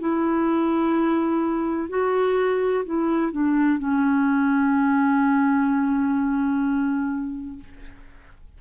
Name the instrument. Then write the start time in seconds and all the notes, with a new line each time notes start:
clarinet
0.00 E4
1.90 F#4
2.85 E4
3.32 D4
3.79 C#4